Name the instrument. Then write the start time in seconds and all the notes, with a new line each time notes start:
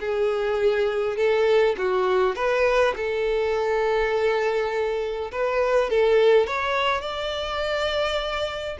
violin
0.00 G#4
1.17 A4
1.78 F#4
2.36 B4
2.96 A4
5.32 B4
5.90 A4
6.47 C#5
7.01 D5